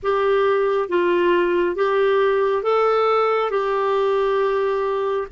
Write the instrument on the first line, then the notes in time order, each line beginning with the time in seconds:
clarinet
0.02 G4
0.88 F4
1.75 G4
2.62 A4
3.50 G4